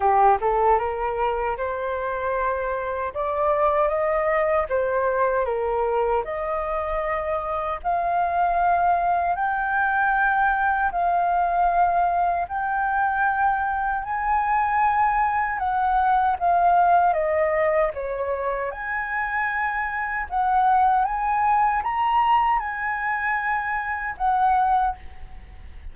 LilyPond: \new Staff \with { instrumentName = "flute" } { \time 4/4 \tempo 4 = 77 g'8 a'8 ais'4 c''2 | d''4 dis''4 c''4 ais'4 | dis''2 f''2 | g''2 f''2 |
g''2 gis''2 | fis''4 f''4 dis''4 cis''4 | gis''2 fis''4 gis''4 | ais''4 gis''2 fis''4 | }